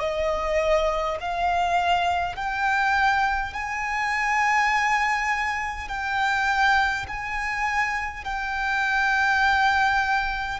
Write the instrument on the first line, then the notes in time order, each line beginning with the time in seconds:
violin
0.00 D#5
1.20 F5
2.36 G5
3.53 G#5
5.88 G5
7.08 G#5
8.25 G5